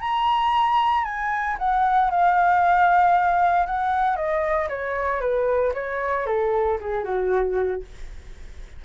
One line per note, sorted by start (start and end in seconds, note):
0.00 1.04 A#5
1.04 1.57 G#5
1.59 2.10 F#5
2.10 3.66 F5
3.66 4.16 F#5
4.16 4.68 D#5
4.69 5.21 C#5
5.21 5.73 B4
5.74 6.26 C#5
6.26 6.78 A4
6.81 7.04 G#4
7.04 7.82 F#4